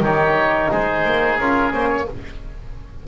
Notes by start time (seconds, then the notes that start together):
0.00 D#3 D#4 G4 C#5
0.71 G#3 G#4 C5
1.05 A#3
1.38 C#4 F4 A#4
1.72 A#3 C#4 C5
1.88 C#5